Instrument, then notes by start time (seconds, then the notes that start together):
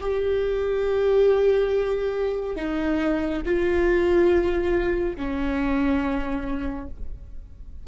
viola
0.00 G4
2.56 D#4
3.45 F4
5.16 C#4